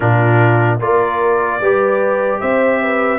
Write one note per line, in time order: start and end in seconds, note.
0.00 0.81 A#2
0.00 0.79 D4
0.00 0.77 F4
0.00 0.79 A#4
0.79 1.60 A#3
0.79 1.60 F4
0.79 1.59 A#4
0.79 2.40 D5
1.60 2.40 G3
1.60 3.19 G4
1.60 2.40 B4
2.40 3.19 C4
2.40 2.80 C5
2.40 3.19 E5
2.81 3.19 B4